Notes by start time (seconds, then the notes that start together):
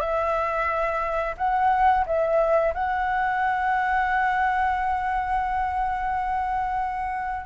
0.00 E5
1.37 F#5
2.06 E5
2.74 F#5